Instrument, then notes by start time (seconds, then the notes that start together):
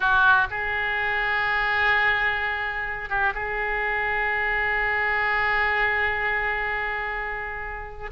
oboe
0.00 F#4
0.50 G#4
3.09 G4
3.34 G#4